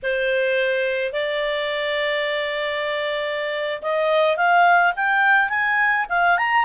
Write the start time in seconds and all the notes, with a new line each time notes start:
0.02 C5
1.12 D5
3.82 D#5
4.36 F5
4.96 G5
5.49 G#5
6.09 F5
6.37 A#5